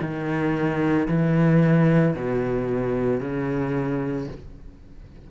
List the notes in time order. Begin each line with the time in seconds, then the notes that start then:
0.00 D#3
1.08 E3
2.15 B2
3.20 C#3